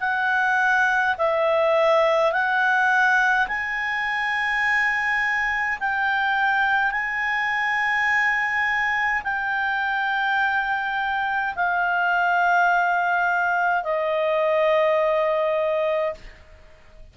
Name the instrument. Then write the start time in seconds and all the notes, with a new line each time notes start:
clarinet
0.00 F#5
1.17 E5
2.32 F#5
3.48 G#5
5.80 G5
6.91 G#5
9.23 G5
11.55 F5
13.83 D#5